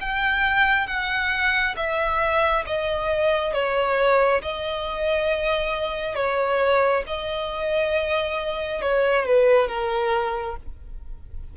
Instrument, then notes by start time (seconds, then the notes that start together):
violin
0.00 G5
0.87 F#5
1.76 E5
2.66 D#5
3.53 C#5
4.42 D#5
6.15 C#5
7.06 D#5
8.81 C#5
9.25 B4
9.68 A#4